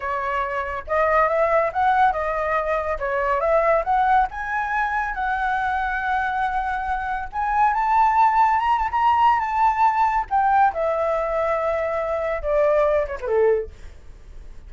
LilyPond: \new Staff \with { instrumentName = "flute" } { \time 4/4 \tempo 4 = 140 cis''2 dis''4 e''4 | fis''4 dis''2 cis''4 | e''4 fis''4 gis''2 | fis''1~ |
fis''4 gis''4 a''2 | ais''8 a''16 ais''4~ ais''16 a''2 | g''4 e''2.~ | e''4 d''4. cis''16 b'16 a'4 | }